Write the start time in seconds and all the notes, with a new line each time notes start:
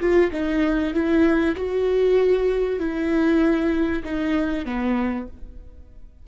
0.00 F4
0.32 D#4
0.94 E4
1.56 F#4
2.79 E4
4.04 D#4
4.65 B3